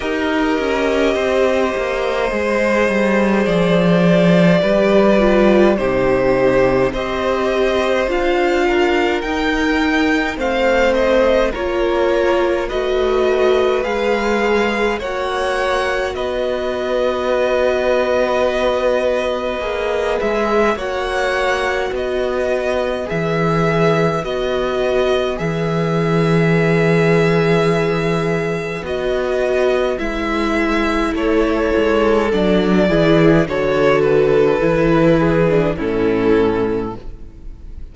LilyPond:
<<
  \new Staff \with { instrumentName = "violin" } { \time 4/4 \tempo 4 = 52 dis''2. d''4~ | d''4 c''4 dis''4 f''4 | g''4 f''8 dis''8 cis''4 dis''4 | f''4 fis''4 dis''2~ |
dis''4. e''8 fis''4 dis''4 | e''4 dis''4 e''2~ | e''4 dis''4 e''4 cis''4 | d''4 cis''8 b'4. a'4 | }
  \new Staff \with { instrumentName = "violin" } { \time 4/4 ais'4 c''2. | b'4 g'4 c''4. ais'8~ | ais'4 c''4 ais'4 b'4~ | b'4 cis''4 b'2~ |
b'2 cis''4 b'4~ | b'1~ | b'2. a'4~ | a'8 gis'8 a'4. gis'8 e'4 | }
  \new Staff \with { instrumentName = "viola" } { \time 4/4 g'2 gis'2 | g'8 f'8 dis'4 g'4 f'4 | dis'4 c'4 f'4 fis'4 | gis'4 fis'2.~ |
fis'4 gis'4 fis'2 | gis'4 fis'4 gis'2~ | gis'4 fis'4 e'2 | d'8 e'8 fis'4 e'8. d'16 cis'4 | }
  \new Staff \with { instrumentName = "cello" } { \time 4/4 dis'8 cis'8 c'8 ais8 gis8 g8 f4 | g4 c4 c'4 d'4 | dis'4 a4 ais4 a4 | gis4 ais4 b2~ |
b4 ais8 gis8 ais4 b4 | e4 b4 e2~ | e4 b4 gis4 a8 gis8 | fis8 e8 d4 e4 a,4 | }
>>